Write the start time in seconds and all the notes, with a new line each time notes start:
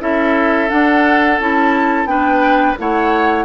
0.00 C#4 E4 A4 E5
0.69 D4 F#5
1.39 C#4 E4 A5
2.05 B3 D4 B4 G5
2.78 A3 E4 C#5 F#5